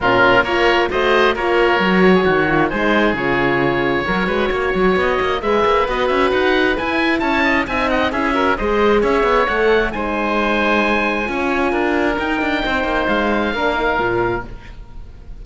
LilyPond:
<<
  \new Staff \with { instrumentName = "oboe" } { \time 4/4 \tempo 4 = 133 ais'4 cis''4 dis''4 cis''4~ | cis''2 c''4 cis''4~ | cis''2. dis''4 | e''4 dis''8 e''8 fis''4 gis''4 |
a''4 gis''8 fis''8 e''4 dis''4 | e''4 fis''4 gis''2~ | gis''2. g''4~ | g''4 f''2. | }
  \new Staff \with { instrumentName = "oboe" } { \time 4/4 f'4 ais'4 c''4 ais'4~ | ais'8. gis'16 fis'4 gis'2~ | gis'4 ais'8 b'8 cis''2 | b'1 |
cis''8 dis''8 e''8 dis''8 gis'8 ais'8 c''4 | cis''2 c''2~ | c''4 cis''4 ais'2 | c''2 ais'2 | }
  \new Staff \with { instrumentName = "horn" } { \time 4/4 cis'4 f'4 fis'4 f'4 | fis'4. f'8 dis'4 f'4~ | f'4 fis'2. | gis'4 fis'2 e'4~ |
e'4 dis'4 e'8 fis'8 gis'4~ | gis'4 a'4 dis'2~ | dis'4 f'2 dis'4~ | dis'2 d'8 dis'8 f'4 | }
  \new Staff \with { instrumentName = "cello" } { \time 4/4 ais,4 ais4 a4 ais4 | fis4 dis4 gis4 cis4~ | cis4 fis8 gis8 ais8 fis8 b8 ais8 | gis8 ais8 b8 cis'8 dis'4 e'4 |
cis'4 c'4 cis'4 gis4 | cis'8 b8 a4 gis2~ | gis4 cis'4 d'4 dis'8 d'8 | c'8 ais8 gis4 ais4 ais,4 | }
>>